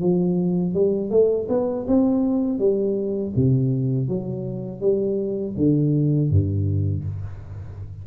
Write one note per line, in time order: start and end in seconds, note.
0.00 0.74 F3
0.74 1.10 G3
1.10 1.47 A3
1.48 1.86 B3
1.87 2.59 C4
2.59 3.33 G3
3.36 4.08 C3
4.08 4.80 F#3
4.80 5.55 G3
5.57 6.30 D3
6.30 7.04 G2